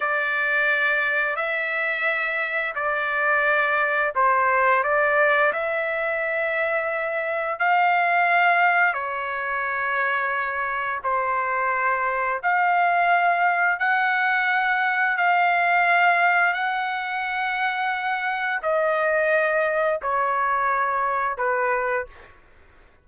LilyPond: \new Staff \with { instrumentName = "trumpet" } { \time 4/4 \tempo 4 = 87 d''2 e''2 | d''2 c''4 d''4 | e''2. f''4~ | f''4 cis''2. |
c''2 f''2 | fis''2 f''2 | fis''2. dis''4~ | dis''4 cis''2 b'4 | }